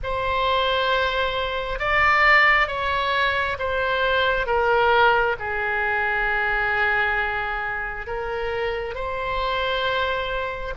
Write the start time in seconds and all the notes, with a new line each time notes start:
0.02 C5
1.79 D5
2.67 C#5
3.58 C5
4.46 A#4
5.39 G#4
8.06 A#4
8.95 C5